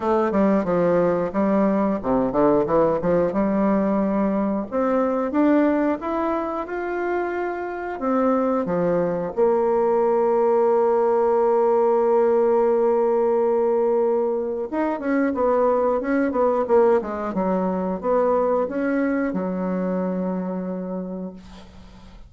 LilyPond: \new Staff \with { instrumentName = "bassoon" } { \time 4/4 \tempo 4 = 90 a8 g8 f4 g4 c8 d8 | e8 f8 g2 c'4 | d'4 e'4 f'2 | c'4 f4 ais2~ |
ais1~ | ais2 dis'8 cis'8 b4 | cis'8 b8 ais8 gis8 fis4 b4 | cis'4 fis2. | }